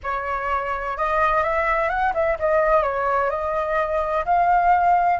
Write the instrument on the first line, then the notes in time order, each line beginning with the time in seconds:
flute
0.03 C#5
0.97 D#5
1.43 E5
1.89 F#5
2.14 E5
2.39 D#5
2.82 C#5
3.30 D#5
4.25 F5